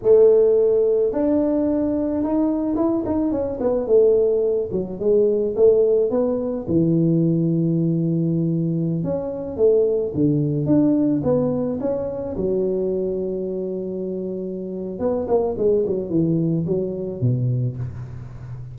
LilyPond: \new Staff \with { instrumentName = "tuba" } { \time 4/4 \tempo 4 = 108 a2 d'2 | dis'4 e'8 dis'8 cis'8 b8 a4~ | a8 fis8 gis4 a4 b4 | e1~ |
e16 cis'4 a4 d4 d'8.~ | d'16 b4 cis'4 fis4.~ fis16~ | fis2. b8 ais8 | gis8 fis8 e4 fis4 b,4 | }